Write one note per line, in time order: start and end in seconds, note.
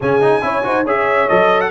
0.00 0.42 C#3
0.00 0.21 C#4
0.00 0.42 G#4
0.00 0.87 G#5
0.21 0.41 D#4
0.41 0.63 C#4
0.41 0.62 E4
0.41 0.66 C#5
0.63 0.85 D#4
0.63 0.85 F#4
0.63 0.83 C5
0.83 1.28 C#4
0.83 1.29 G#4
0.83 1.69 C#5
0.83 1.28 E5
1.28 1.70 F#3
1.28 1.70 A4
1.28 1.60 D#5
1.60 1.70 F#5